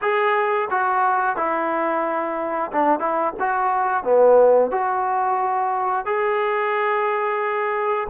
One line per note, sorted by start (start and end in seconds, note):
0.01 0.69 G#4
0.70 1.36 F#4
1.36 2.71 E4
2.72 2.99 D4
2.99 3.33 E4
3.39 4.03 F#4
4.03 4.71 B3
4.71 6.05 F#4
6.05 8.07 G#4